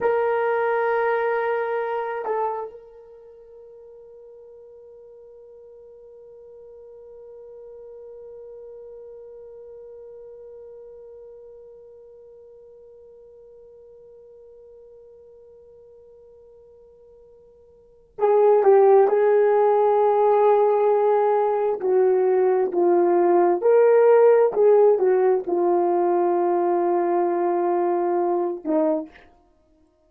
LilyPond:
\new Staff \with { instrumentName = "horn" } { \time 4/4 \tempo 4 = 66 ais'2~ ais'8 a'8 ais'4~ | ais'1~ | ais'1~ | ais'1~ |
ais'1 | gis'8 g'8 gis'2. | fis'4 f'4 ais'4 gis'8 fis'8 | f'2.~ f'8 dis'8 | }